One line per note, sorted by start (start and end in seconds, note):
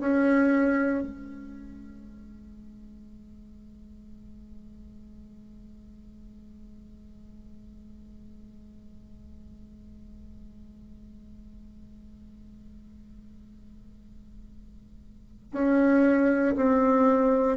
0.00 1.03 C#4
1.03 15.52 G#3
15.52 16.55 C#4
16.56 17.57 C4